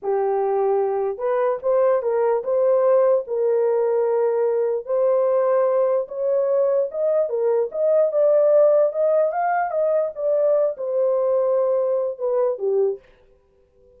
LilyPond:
\new Staff \with { instrumentName = "horn" } { \time 4/4 \tempo 4 = 148 g'2. b'4 | c''4 ais'4 c''2 | ais'1 | c''2. cis''4~ |
cis''4 dis''4 ais'4 dis''4 | d''2 dis''4 f''4 | dis''4 d''4. c''4.~ | c''2 b'4 g'4 | }